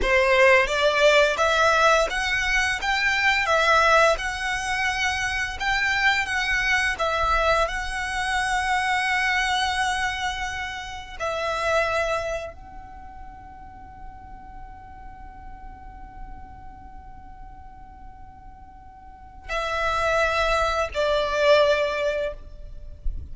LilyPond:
\new Staff \with { instrumentName = "violin" } { \time 4/4 \tempo 4 = 86 c''4 d''4 e''4 fis''4 | g''4 e''4 fis''2 | g''4 fis''4 e''4 fis''4~ | fis''1 |
e''2 fis''2~ | fis''1~ | fis''1 | e''2 d''2 | }